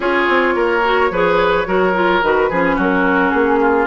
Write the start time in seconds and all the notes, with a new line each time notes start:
0.00 C#4 F4 G#4 C#5
0.28 C4
0.55 A#3 A#4
0.83 F#4
1.10 F3 G#4 B4
1.65 F#3 F#4 A#4
1.94 F4
2.22 D#3 F#4 B4
2.49 F3 C#4 G#4
2.75 F#3 F#4 A#4
3.31 A#3 G#4
3.60 F4